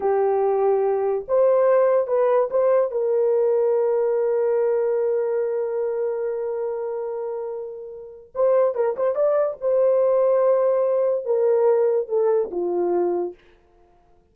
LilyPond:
\new Staff \with { instrumentName = "horn" } { \time 4/4 \tempo 4 = 144 g'2. c''4~ | c''4 b'4 c''4 ais'4~ | ais'1~ | ais'1~ |
ais'1 | c''4 ais'8 c''8 d''4 c''4~ | c''2. ais'4~ | ais'4 a'4 f'2 | }